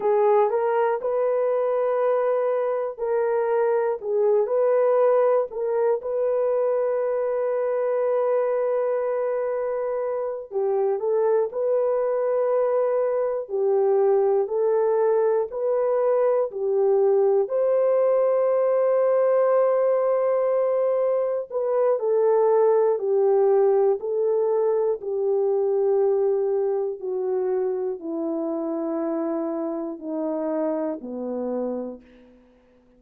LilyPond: \new Staff \with { instrumentName = "horn" } { \time 4/4 \tempo 4 = 60 gis'8 ais'8 b'2 ais'4 | gis'8 b'4 ais'8 b'2~ | b'2~ b'8 g'8 a'8 b'8~ | b'4. g'4 a'4 b'8~ |
b'8 g'4 c''2~ c''8~ | c''4. b'8 a'4 g'4 | a'4 g'2 fis'4 | e'2 dis'4 b4 | }